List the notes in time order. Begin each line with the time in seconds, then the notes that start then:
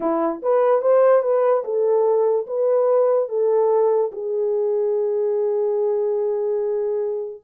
0.00 E4
0.42 B4
0.81 C5
1.22 B4
1.64 A4
2.46 B4
3.28 A4
4.12 G#4